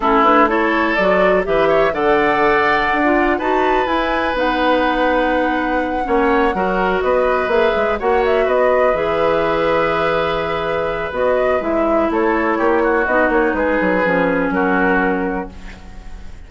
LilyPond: <<
  \new Staff \with { instrumentName = "flute" } { \time 4/4 \tempo 4 = 124 a'8 b'8 cis''4 d''4 e''4 | fis''2. a''4 | gis''4 fis''2.~ | fis''2~ fis''8 dis''4 e''8~ |
e''8 fis''8 e''8 dis''4 e''4.~ | e''2. dis''4 | e''4 cis''2 dis''8 cis''8 | b'2 ais'2 | }
  \new Staff \with { instrumentName = "oboe" } { \time 4/4 e'4 a'2 b'8 cis''8 | d''2. b'4~ | b'1~ | b'8 cis''4 ais'4 b'4.~ |
b'8 cis''4 b'2~ b'8~ | b'1~ | b'4 a'4 g'8 fis'4. | gis'2 fis'2 | }
  \new Staff \with { instrumentName = "clarinet" } { \time 4/4 cis'8 d'8 e'4 fis'4 g'4 | a'2~ a'16 f'8. fis'4 | e'4 dis'2.~ | dis'8 cis'4 fis'2 gis'8~ |
gis'8 fis'2 gis'4.~ | gis'2. fis'4 | e'2. dis'4~ | dis'4 cis'2. | }
  \new Staff \with { instrumentName = "bassoon" } { \time 4/4 a2 fis4 e4 | d2 d'4 dis'4 | e'4 b2.~ | b8 ais4 fis4 b4 ais8 |
gis8 ais4 b4 e4.~ | e2. b4 | gis4 a4 ais4 b8 ais8 | gis8 fis8 f4 fis2 | }
>>